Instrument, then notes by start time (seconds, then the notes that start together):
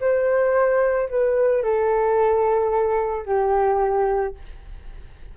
flute
0.00 C5
1.09 B4
1.63 A4
3.26 G4